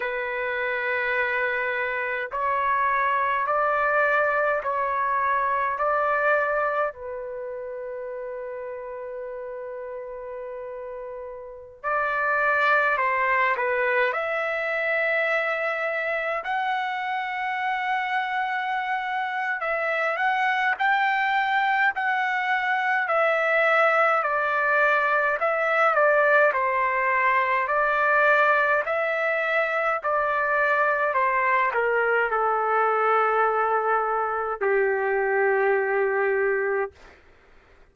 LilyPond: \new Staff \with { instrumentName = "trumpet" } { \time 4/4 \tempo 4 = 52 b'2 cis''4 d''4 | cis''4 d''4 b'2~ | b'2~ b'16 d''4 c''8 b'16~ | b'16 e''2 fis''4.~ fis''16~ |
fis''4 e''8 fis''8 g''4 fis''4 | e''4 d''4 e''8 d''8 c''4 | d''4 e''4 d''4 c''8 ais'8 | a'2 g'2 | }